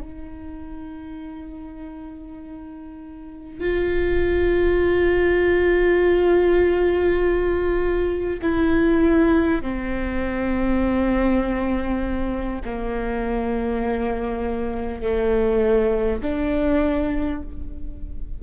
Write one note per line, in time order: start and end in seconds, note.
0.00 3.60 D#4
3.60 8.40 F4
8.41 9.61 E4
9.62 12.62 C4
12.64 15.01 A#3
15.01 16.21 A3
16.22 17.42 D4